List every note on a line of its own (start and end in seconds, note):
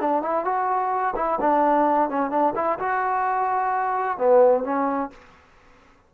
0.00 0.22 D4
0.22 0.44 E4
0.44 1.14 F#4
1.16 1.39 E4
1.40 2.09 D4
2.09 2.30 C#4
2.30 2.53 D4
2.55 2.79 E4
2.79 4.18 F#4
4.18 4.64 B3
4.64 5.10 C#4